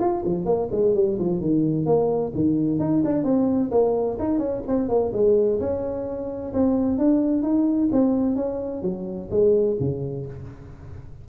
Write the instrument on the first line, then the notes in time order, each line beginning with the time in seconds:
tuba
0.00 F4
0.25 F3
0.45 A#3
0.71 G#3
0.95 G3
1.19 F3
1.41 D#3
1.86 A#3
2.35 D#3
2.80 D#4
3.05 D4
3.24 C4
3.71 A#3
4.19 D#4
4.39 C#4
4.67 C4
4.89 A#3
5.13 G#3
5.60 C#4
6.54 C4
6.98 D4
7.43 D#4
7.92 C4
8.36 C#4
8.82 F#3
9.31 G#3
9.80 C#3